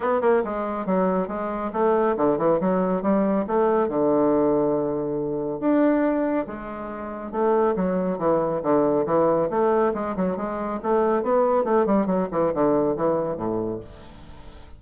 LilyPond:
\new Staff \with { instrumentName = "bassoon" } { \time 4/4 \tempo 4 = 139 b8 ais8 gis4 fis4 gis4 | a4 d8 e8 fis4 g4 | a4 d2.~ | d4 d'2 gis4~ |
gis4 a4 fis4 e4 | d4 e4 a4 gis8 fis8 | gis4 a4 b4 a8 g8 | fis8 e8 d4 e4 a,4 | }